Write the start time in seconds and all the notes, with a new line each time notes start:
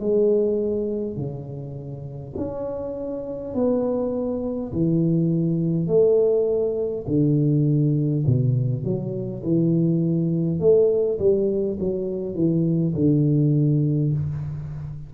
0.00 G#3
1.17 C#3
2.37 C#4
3.55 B3
4.73 E3
5.88 A3
7.07 D3
8.27 B2
8.84 F#3
9.43 E3
10.60 A3
11.19 G3
11.80 F#3
12.35 E3
12.95 D3